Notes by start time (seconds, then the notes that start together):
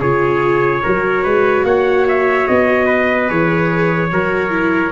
0.00 C#3 F4 G#4 C#5
0.83 F#3 F#4 A#4
1.23 G#3 B4
1.63 A#3 C#5 F#5
2.08 E5
2.47 B3 D#5
2.86 B4
3.27 E3 G#4 C#5
4.12 F#3 F#4 A#4
4.50 E4